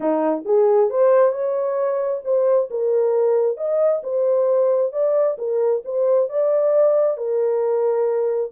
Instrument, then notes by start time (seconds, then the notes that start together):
horn
0.00 D#4
0.45 G#4
0.90 C5
1.31 C#5
2.24 C5
2.70 A#4
3.57 D#5
4.03 C5
4.92 D5
5.38 A#4
5.85 C5
6.29 D5
7.17 A#4